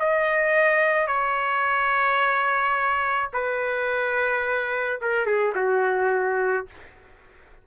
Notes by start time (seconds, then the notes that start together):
0.00 D#5
1.08 C#5
3.33 B4
5.02 A#4
5.26 G#4
5.56 F#4